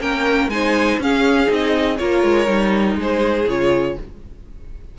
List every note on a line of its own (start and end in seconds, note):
0.00 0.48 A#3
0.00 0.50 C#4
0.00 0.51 A#4
0.00 0.50 G5
0.48 0.98 G#3
0.48 1.00 D#4
0.48 1.02 C5
0.48 0.99 G#5
0.98 1.48 C#4
0.98 1.46 C#4
0.98 2.01 G#4
0.98 1.52 F5
1.46 1.99 C4
1.46 1.96 D#4
1.53 1.97 D#5
1.97 2.23 A#3
1.97 2.46 F4
1.97 2.98 A#4
1.97 2.97 C#5
2.23 2.47 G#3
2.46 2.95 G3
2.46 3.45 D#4
2.95 3.45 G#3
2.95 3.97 G#4
2.95 3.49 C5
3.47 3.97 C#3
3.47 3.98 F4
3.47 3.98 C#5